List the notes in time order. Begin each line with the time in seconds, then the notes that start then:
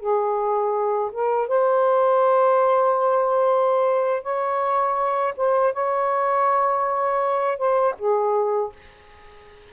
0.00 G#4
1.12 A#4
1.48 C5
4.23 C#5
5.37 C5
5.74 C#5
7.58 C5
7.99 G#4